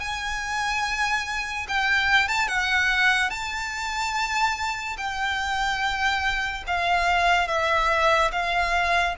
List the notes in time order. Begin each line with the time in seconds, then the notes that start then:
0.00 G#5
1.68 G5
2.28 A5
2.48 F#5
3.30 A5
4.97 G5
6.67 F5
7.48 E5
8.32 F5